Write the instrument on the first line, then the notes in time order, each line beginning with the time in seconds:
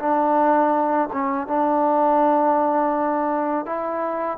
trombone
0.00 D4
1.13 C#4
1.48 D4
3.66 E4